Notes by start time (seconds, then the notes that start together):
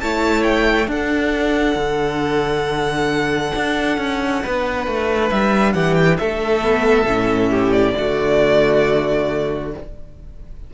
0.00 A3 E4 C#5 A5
0.43 G5
0.87 D4 A4 F#5
1.76 D3
3.55 D4
3.98 C#4
4.43 B3 B4
4.87 A3
5.30 G3 E5
5.74 E3 G4 F#5
5.94 G5
6.18 A3 A4 E5
6.62 B3
7.05 A2 C#4
7.50 G4
7.72 D5
7.96 D3 A3 F#4